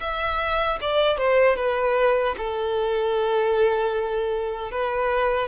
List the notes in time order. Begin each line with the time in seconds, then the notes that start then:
0.00 E5
0.81 D5
1.18 C5
1.56 B4
2.37 A4
4.71 B4